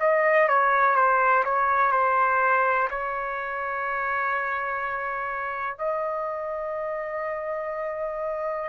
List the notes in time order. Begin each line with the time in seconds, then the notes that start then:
0.00 D#5
0.48 C#5
0.95 C5
1.45 C#5
1.92 C5
2.90 C#5
5.78 D#5